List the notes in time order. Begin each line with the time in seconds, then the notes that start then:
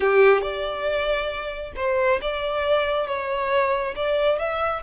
0.00 G4
0.41 D5
1.76 C5
2.21 D5
3.07 C#5
3.95 D5
4.38 E5